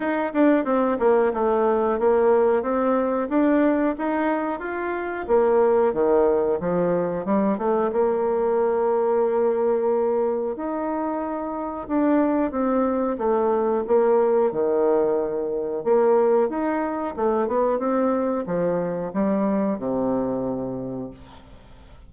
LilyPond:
\new Staff \with { instrumentName = "bassoon" } { \time 4/4 \tempo 4 = 91 dis'8 d'8 c'8 ais8 a4 ais4 | c'4 d'4 dis'4 f'4 | ais4 dis4 f4 g8 a8 | ais1 |
dis'2 d'4 c'4 | a4 ais4 dis2 | ais4 dis'4 a8 b8 c'4 | f4 g4 c2 | }